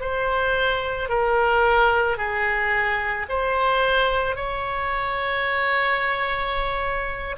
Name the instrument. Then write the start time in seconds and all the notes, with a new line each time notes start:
oboe
0.00 C5
1.09 A#4
2.17 G#4
3.29 C5
4.35 C#5